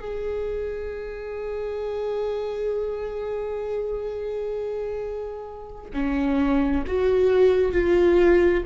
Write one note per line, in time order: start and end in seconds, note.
0.00 5.91 G#4
5.93 6.84 C#4
6.87 7.72 F#4
7.72 8.63 F4